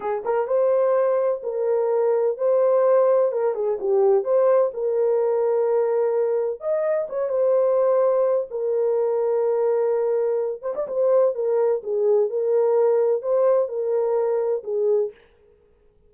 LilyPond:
\new Staff \with { instrumentName = "horn" } { \time 4/4 \tempo 4 = 127 gis'8 ais'8 c''2 ais'4~ | ais'4 c''2 ais'8 gis'8 | g'4 c''4 ais'2~ | ais'2 dis''4 cis''8 c''8~ |
c''2 ais'2~ | ais'2~ ais'8 c''16 d''16 c''4 | ais'4 gis'4 ais'2 | c''4 ais'2 gis'4 | }